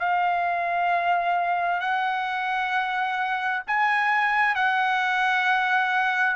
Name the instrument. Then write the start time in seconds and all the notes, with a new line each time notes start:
trumpet
0.00 F5
1.81 F#5
3.68 G#5
4.56 F#5